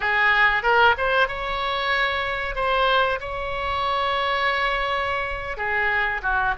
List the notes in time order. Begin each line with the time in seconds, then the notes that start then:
0.00 G#4
0.62 A#4
0.97 C5
1.28 C#5
2.55 C5
3.20 C#5
5.57 G#4
6.22 F#4